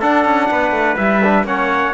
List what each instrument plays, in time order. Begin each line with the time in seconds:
0.00 trombone D4, cello D4, trumpet A4 F#5
0.25 cello C#4
0.51 cello B3, trumpet B4
0.71 cello A3
0.97 cello G3, trombone E4, trumpet E5
1.24 trombone D4
1.44 cello A#3, trombone C#4, trumpet C#5 F#5